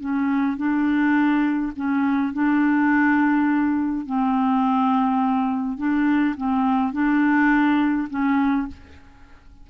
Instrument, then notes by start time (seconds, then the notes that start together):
clarinet
0.00 C#4
0.57 D4
1.76 C#4
2.33 D4
4.06 C4
5.77 D4
6.37 C4
6.93 D4
8.10 C#4